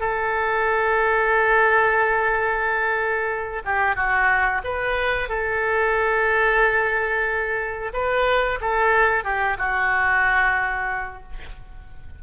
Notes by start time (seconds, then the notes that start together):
0.00 A4
3.65 G4
3.96 F#4
4.64 B4
5.29 A4
7.93 B4
8.61 A4
9.24 G4
9.58 F#4